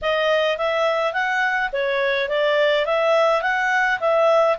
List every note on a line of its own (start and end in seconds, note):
0.01 0.57 D#5
0.57 1.13 E5
1.13 1.70 F#5
1.72 2.28 C#5
2.28 2.85 D5
2.85 3.42 E5
3.42 3.99 F#5
3.99 4.57 E5